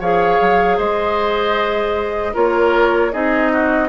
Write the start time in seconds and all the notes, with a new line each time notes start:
0.00 F3 G#4 C#5 F5
0.41 F#3
0.77 G#3 C5 D#5
2.34 A#3 F4 A#4 C#5
3.12 C4 D#4 G#4 D#5
3.53 F#4